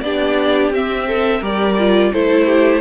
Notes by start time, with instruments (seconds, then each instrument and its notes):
0.00 cello B3, viola D4, violin G4 D5
0.71 cello C4, viola C4, violin E5
1.07 violin A4
1.40 cello G3, viola G4, violin A#4 D5
1.79 viola F4
2.12 cello A3, viola E4, violin A4 C5
2.46 violin G4